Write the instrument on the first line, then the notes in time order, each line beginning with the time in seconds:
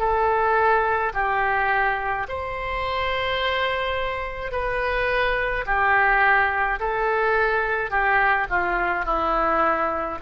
oboe
0.00 A4
1.14 G4
2.29 C5
4.52 B4
5.67 G4
6.80 A4
7.91 G4
8.50 F4
9.06 E4